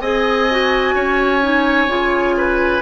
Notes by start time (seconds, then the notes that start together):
0.00 C4 G#4 D#5 G#5
0.51 F#4
0.95 C#4 C#5
1.42 D#4
1.88 C#3 F4
2.37 B4